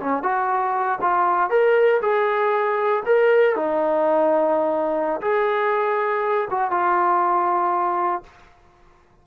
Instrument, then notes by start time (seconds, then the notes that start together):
trombone
0.00 C#4
0.22 F#4
1.01 F4
1.50 A#4
2.01 G#4
3.06 A#4
3.55 D#4
5.21 G#4
6.50 F#4
6.71 F4